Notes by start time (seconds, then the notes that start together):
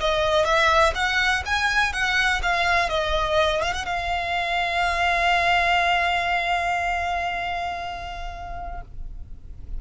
0.00 D#5
0.45 E5
0.95 F#5
1.46 G#5
1.93 F#5
2.42 F5
2.89 D#5
3.62 F5
3.73 F#5
3.86 F5